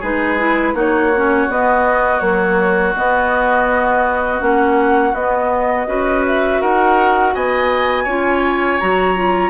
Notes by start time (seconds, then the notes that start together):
0.00 G#3 D#4 G#4 B4
0.39 E4
0.74 A#3 D#4 F#4 C#5
1.17 C#4
1.50 B3 D#5
2.20 F#3 A#3 C#5
2.97 B3 D#5
4.40 A#3 C#4 F#5
5.14 B3 D#5
5.87 C#4 F#4 B4
6.27 E5
6.61 D#4 A#4 F#5
7.35 B3 D#5 G#5
8.04 C#4 F4 C#5
8.80 F#3 F#4 A#5
9.16 F4